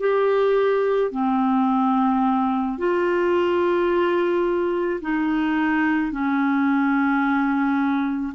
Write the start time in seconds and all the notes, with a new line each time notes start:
0.00 G4
1.11 C4
2.78 F4
5.01 D#4
6.12 C#4